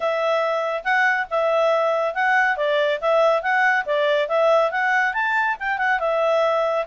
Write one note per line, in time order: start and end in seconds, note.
0.00 0.83 E5
0.84 1.27 F#5
1.30 2.14 E5
2.14 2.56 F#5
2.56 2.99 D5
3.00 3.42 E5
3.42 3.85 F#5
3.85 4.28 D5
4.28 4.71 E5
4.71 5.13 F#5
5.13 5.56 A5
5.59 5.78 G5
5.78 5.99 F#5
5.99 6.85 E5